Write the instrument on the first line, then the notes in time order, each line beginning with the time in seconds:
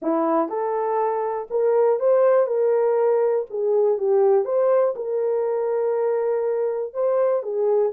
horn
0.02 E4
0.48 A4
1.50 A#4
1.99 C5
2.46 A#4
3.50 G#4
3.98 G4
4.44 C5
4.95 A#4
6.93 C5
7.42 G#4